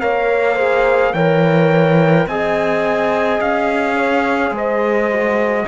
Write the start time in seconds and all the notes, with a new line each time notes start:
0.00 A#3 A#4 C#5 F5
0.55 G#4 C5
1.13 E3 A#4 C#5 G5
2.27 C4 G#4 D#5 G#5
3.41 C#4 F5
3.96 C#5
4.51 G#3 C5
4.58 D#5
5.12 F#4